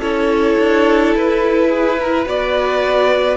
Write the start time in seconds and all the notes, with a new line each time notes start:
0.00 C#4 E4 A4 C#5
0.59 D4
1.16 E4 B4
1.69 G#4
2.01 A#4
2.26 B3 F#4 B4 D5